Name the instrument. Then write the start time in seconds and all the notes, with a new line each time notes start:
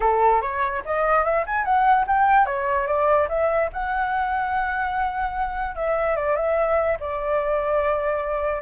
flute
0.00 A4
0.41 C#5
0.85 D#5
1.24 E5
1.46 G#5
1.64 F#5
2.07 G5
2.46 C#5
2.87 D5
3.28 E5
3.72 F#5
5.75 E5
6.16 D5
6.36 E5
7.00 D5